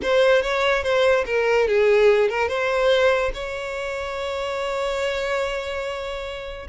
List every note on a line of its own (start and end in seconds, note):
0.02 0.42 C5
0.42 0.83 C#5
0.83 1.24 C5
1.26 1.67 A#4
1.67 2.29 G#4
2.29 2.48 A#4
2.48 3.31 C5
3.34 6.67 C#5